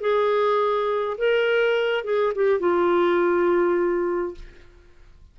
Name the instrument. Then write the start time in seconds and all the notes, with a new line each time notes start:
clarinet
0.00 G#4
1.17 A#4
2.04 G#4
2.35 G4
2.59 F4